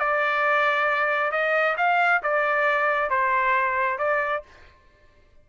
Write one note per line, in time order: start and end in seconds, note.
0.00 1.32 D5
1.32 1.76 D#5
1.77 2.22 F5
2.23 3.10 D5
3.10 3.98 C5
3.98 4.43 D5